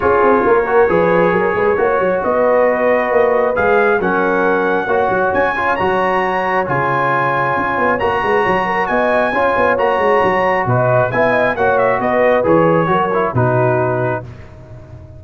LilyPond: <<
  \new Staff \with { instrumentName = "trumpet" } { \time 4/4 \tempo 4 = 135 cis''1~ | cis''4 dis''2. | f''4 fis''2. | gis''4 ais''2 gis''4~ |
gis''2 ais''2 | gis''2 ais''2 | b'4 gis''4 fis''8 e''8 dis''4 | cis''2 b'2 | }
  \new Staff \with { instrumentName = "horn" } { \time 4/4 gis'4 ais'4 b'4 ais'8 b'8 | cis''4 b'2.~ | b'4 ais'2 cis''4~ | cis''1~ |
cis''2~ cis''8 b'8 cis''8 ais'8 | dis''4 cis''2. | dis''4 e''8 dis''8 cis''4 b'4~ | b'4 ais'4 fis'2 | }
  \new Staff \with { instrumentName = "trombone" } { \time 4/4 f'4. fis'8 gis'2 | fis'1 | gis'4 cis'2 fis'4~ | fis'8 f'8 fis'2 f'4~ |
f'2 fis'2~ | fis'4 f'4 fis'2~ | fis'4 e'4 fis'2 | gis'4 fis'8 e'8 dis'2 | }
  \new Staff \with { instrumentName = "tuba" } { \time 4/4 cis'8 c'8 ais4 f4 fis8 gis8 | ais8 fis8 b2 ais4 | gis4 fis2 ais8 fis8 | cis'4 fis2 cis4~ |
cis4 cis'8 b8 ais8 gis8 fis4 | b4 cis'8 b8 ais8 gis8 fis4 | b,4 b4 ais4 b4 | e4 fis4 b,2 | }
>>